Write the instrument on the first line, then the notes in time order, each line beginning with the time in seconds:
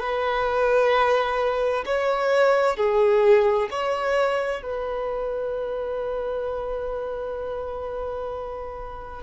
violin
0.00 B4
1.86 C#5
2.77 G#4
3.71 C#5
4.63 B4